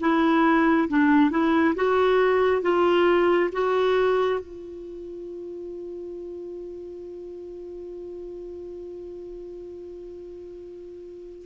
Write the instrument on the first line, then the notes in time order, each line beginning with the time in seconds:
clarinet
0.00 E4
0.89 D4
1.30 E4
1.75 F#4
2.61 F4
3.52 F#4
4.40 F4